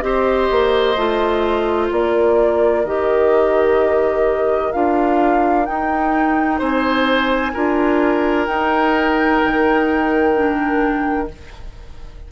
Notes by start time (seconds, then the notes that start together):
0.00 C4 G4 C5 D#5
0.50 A#3
0.96 A3 F4
1.91 A#3 A#4 D5
2.85 D#3 G4 D#5
4.72 D4 F4 F5
5.65 D#4 G5
6.58 C4 C5 G#5
7.54 D4 F4 A#4
8.47 D#4 G5
9.44 D#3
10.35 D4